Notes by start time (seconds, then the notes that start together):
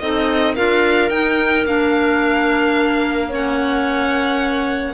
0.00 C4 D#4 A4 D#5
0.54 D4 F4 A#4 F5
1.10 D#4 G5
1.65 A#3 D4 F5
3.29 C#4 C#5 F#5